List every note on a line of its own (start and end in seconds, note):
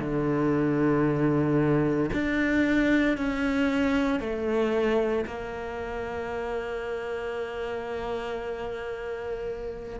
0.00 2.11 D3
2.13 3.18 D4
3.18 4.20 C#4
4.20 5.25 A3
5.26 10.00 A#3